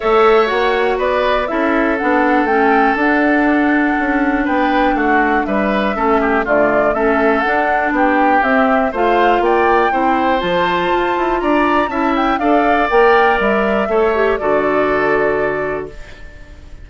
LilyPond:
<<
  \new Staff \with { instrumentName = "flute" } { \time 4/4 \tempo 4 = 121 e''4 fis''4 d''4 e''4 | fis''4 g''4 fis''2~ | fis''4 g''4 fis''4 e''4~ | e''4 d''4 e''4 fis''4 |
g''4 e''4 f''4 g''4~ | g''4 a''2 ais''4 | a''8 g''8 f''4 g''4 e''4~ | e''4 d''2. | }
  \new Staff \with { instrumentName = "oboe" } { \time 4/4 cis''2 b'4 a'4~ | a'1~ | a'4 b'4 fis'4 b'4 | a'8 g'8 f'4 a'2 |
g'2 c''4 d''4 | c''2. d''4 | e''4 d''2. | cis''4 a'2. | }
  \new Staff \with { instrumentName = "clarinet" } { \time 4/4 a'4 fis'2 e'4 | d'4 cis'4 d'2~ | d'1 | cis'4 a4 cis'4 d'4~ |
d'4 c'4 f'2 | e'4 f'2. | e'4 a'4 ais'2 | a'8 g'8 fis'2. | }
  \new Staff \with { instrumentName = "bassoon" } { \time 4/4 a4 ais4 b4 cis'4 | b4 a4 d'2 | cis'4 b4 a4 g4 | a4 d4 a4 d'4 |
b4 c'4 a4 ais4 | c'4 f4 f'8 e'8 d'4 | cis'4 d'4 ais4 g4 | a4 d2. | }
>>